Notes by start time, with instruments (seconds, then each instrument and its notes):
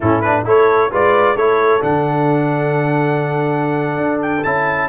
0.00 tuba A2, trombone C#4, horn E4, trumpet A4
0.21 trombone D4, trumpet B4
0.45 tuba A3, trombone E4, horn A4, trumpet C#5
0.90 tuba G#3, trombone F4, horn B4, trumpet D5
1.36 tuba A3, trombone E4, horn A4, trumpet C#5
1.80 tuba D3, trombone D4, trumpet F#5
3.97 tuba D4
4.21 trumpet G5
4.43 tuba C#4, trombone E4, trumpet A5